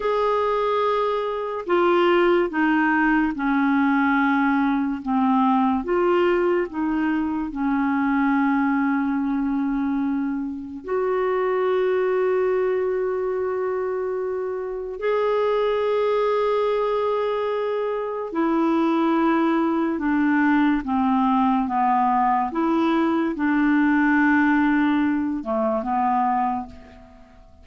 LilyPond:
\new Staff \with { instrumentName = "clarinet" } { \time 4/4 \tempo 4 = 72 gis'2 f'4 dis'4 | cis'2 c'4 f'4 | dis'4 cis'2.~ | cis'4 fis'2.~ |
fis'2 gis'2~ | gis'2 e'2 | d'4 c'4 b4 e'4 | d'2~ d'8 a8 b4 | }